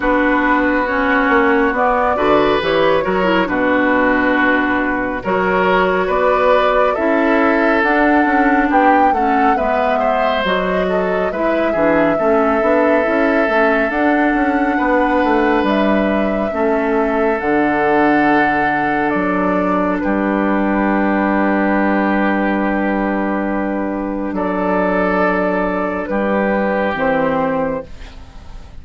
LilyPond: <<
  \new Staff \with { instrumentName = "flute" } { \time 4/4 \tempo 4 = 69 b'4 cis''4 d''4 cis''4 | b'2 cis''4 d''4 | e''4 fis''4 g''8 fis''8 e''4 | dis''4 e''2. |
fis''2 e''2 | fis''2 d''4 b'4~ | b'1 | d''2 b'4 c''4 | }
  \new Staff \with { instrumentName = "oboe" } { \time 4/4 fis'2~ fis'8 b'4 ais'8 | fis'2 ais'4 b'4 | a'2 g'8 a'8 b'8 c''8~ | c''8 a'8 b'8 gis'8 a'2~ |
a'4 b'2 a'4~ | a'2. g'4~ | g'1 | a'2 g'2 | }
  \new Staff \with { instrumentName = "clarinet" } { \time 4/4 d'4 cis'4 b8 fis'8 g'8 fis'16 e'16 | d'2 fis'2 | e'4 d'4. cis'8 b4 | fis'4 e'8 d'8 cis'8 d'8 e'8 cis'8 |
d'2. cis'4 | d'1~ | d'1~ | d'2. c'4 | }
  \new Staff \with { instrumentName = "bassoon" } { \time 4/4 b4. ais8 b8 d8 e8 fis8 | b,2 fis4 b4 | cis'4 d'8 cis'8 b8 a8 gis4 | fis4 gis8 e8 a8 b8 cis'8 a8 |
d'8 cis'8 b8 a8 g4 a4 | d2 fis4 g4~ | g1 | fis2 g4 e4 | }
>>